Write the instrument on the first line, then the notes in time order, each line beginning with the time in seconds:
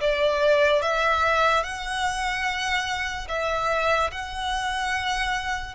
violin
0.00 D5
0.81 E5
1.63 F#5
3.28 E5
4.11 F#5